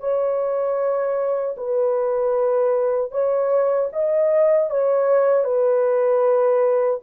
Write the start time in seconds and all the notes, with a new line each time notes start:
0.00 C#5
1.58 B4
3.12 C#5
3.93 D#5
4.70 C#5
5.45 B4